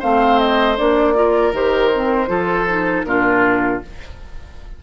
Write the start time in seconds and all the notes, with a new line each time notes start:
0.00 A3 C4 C5 F5
0.39 D#5
0.77 A#3 D4 D5
1.15 F4 A#4
1.53 D#3 G4 C5
1.94 C4
2.28 F3 F4 A4
2.69 D#4
3.04 A#2 D4 F4 A#4